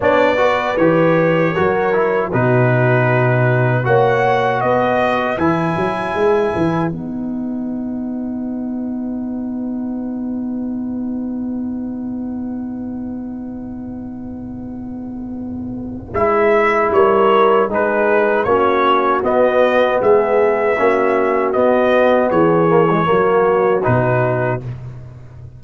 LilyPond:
<<
  \new Staff \with { instrumentName = "trumpet" } { \time 4/4 \tempo 4 = 78 d''4 cis''2 b'4~ | b'4 fis''4 dis''4 gis''4~ | gis''4 fis''2.~ | fis''1~ |
fis''1~ | fis''4 e''4 cis''4 b'4 | cis''4 dis''4 e''2 | dis''4 cis''2 b'4 | }
  \new Staff \with { instrumentName = "horn" } { \time 4/4 cis''8 b'4. ais'4 fis'4~ | fis'4 cis''4 b'2~ | b'1~ | b'1~ |
b'1~ | b'2 ais'4 gis'4 | fis'2 gis'4 fis'4~ | fis'4 gis'4 fis'2 | }
  \new Staff \with { instrumentName = "trombone" } { \time 4/4 d'8 fis'8 g'4 fis'8 e'8 dis'4~ | dis'4 fis'2 e'4~ | e'4 dis'2.~ | dis'1~ |
dis'1~ | dis'4 e'2 dis'4 | cis'4 b2 cis'4 | b4. ais16 gis16 ais4 dis'4 | }
  \new Staff \with { instrumentName = "tuba" } { \time 4/4 b4 e4 fis4 b,4~ | b,4 ais4 b4 e8 fis8 | gis8 e8 b2.~ | b1~ |
b1~ | b4 gis4 g4 gis4 | ais4 b4 gis4 ais4 | b4 e4 fis4 b,4 | }
>>